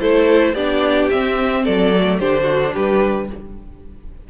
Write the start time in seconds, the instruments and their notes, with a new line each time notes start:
0.00 cello A3, viola E4, violin A4 C5
0.54 cello B3, viola D4, violin G4 D5
1.11 viola C4, cello C4, violin E5
1.64 cello F#3, violin A4 D5
1.95 viola A3
2.20 cello D3, viola D4, violin G4 C5
2.44 violin F#4
2.74 cello G3, violin G4 B4